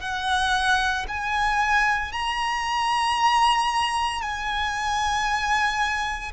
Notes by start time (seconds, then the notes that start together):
0.00 F#5
1.08 G#5
2.12 A#5
4.22 G#5